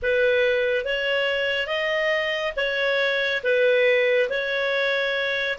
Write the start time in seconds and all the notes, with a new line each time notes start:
0.02 B4
0.85 C#5
1.67 D#5
2.56 C#5
3.43 B4
4.29 C#5